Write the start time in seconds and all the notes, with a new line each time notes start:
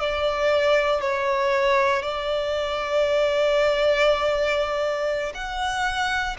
0.00 D5
1.01 C#5
2.02 D5
5.35 F#5